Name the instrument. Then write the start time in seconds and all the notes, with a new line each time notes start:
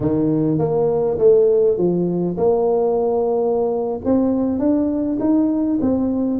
tuba
0.00 D#3
0.58 A#3
1.18 A3
1.77 F3
2.37 A#3
4.05 C4
4.59 D4
5.20 D#4
5.81 C4